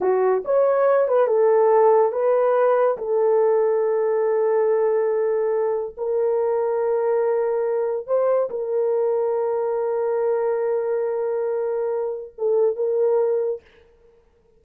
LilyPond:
\new Staff \with { instrumentName = "horn" } { \time 4/4 \tempo 4 = 141 fis'4 cis''4. b'8 a'4~ | a'4 b'2 a'4~ | a'1~ | a'2 ais'2~ |
ais'2. c''4 | ais'1~ | ais'1~ | ais'4 a'4 ais'2 | }